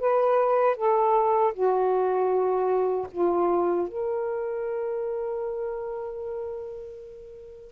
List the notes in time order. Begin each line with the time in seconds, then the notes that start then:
0.00 B4
0.77 A4
1.54 F#4
3.12 F4
3.88 A#4